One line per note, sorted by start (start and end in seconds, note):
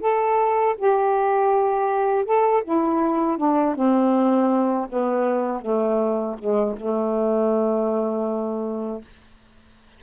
0.00 0.75 A4
0.77 2.25 G4
2.25 2.62 A4
2.64 3.37 E4
3.37 3.75 D4
3.75 4.88 C4
4.89 5.61 B3
5.61 6.36 A3
6.38 6.75 G#3
6.76 9.01 A3